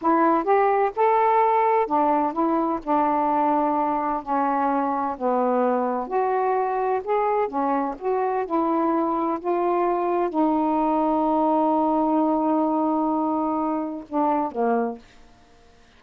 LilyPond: \new Staff \with { instrumentName = "saxophone" } { \time 4/4 \tempo 4 = 128 e'4 g'4 a'2 | d'4 e'4 d'2~ | d'4 cis'2 b4~ | b4 fis'2 gis'4 |
cis'4 fis'4 e'2 | f'2 dis'2~ | dis'1~ | dis'2 d'4 ais4 | }